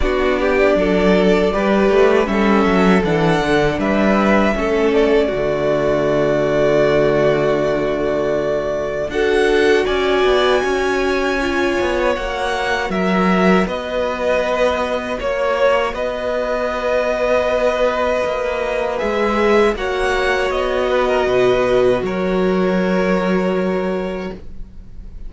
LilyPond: <<
  \new Staff \with { instrumentName = "violin" } { \time 4/4 \tempo 4 = 79 d''2. e''4 | fis''4 e''4. d''4.~ | d''1 | fis''4 gis''2. |
fis''4 e''4 dis''2 | cis''4 dis''2.~ | dis''4 e''4 fis''4 dis''4~ | dis''4 cis''2. | }
  \new Staff \with { instrumentName = "violin" } { \time 4/4 fis'8 g'8 a'4 b'4 a'4~ | a'4 b'4 a'4 fis'4~ | fis'1 | a'4 d''4 cis''2~ |
cis''4 ais'4 b'2 | cis''4 b'2.~ | b'2 cis''4. b'16 ais'16 | b'4 ais'2. | }
  \new Staff \with { instrumentName = "viola" } { \time 4/4 d'2 g'4 cis'4 | d'2 cis'4 a4~ | a1 | fis'2. f'4 |
fis'1~ | fis'1~ | fis'4 gis'4 fis'2~ | fis'1 | }
  \new Staff \with { instrumentName = "cello" } { \time 4/4 b4 fis4 g8 a8 g8 fis8 | e8 d8 g4 a4 d4~ | d1 | d'4 cis'8 b8 cis'4. b8 |
ais4 fis4 b2 | ais4 b2. | ais4 gis4 ais4 b4 | b,4 fis2. | }
>>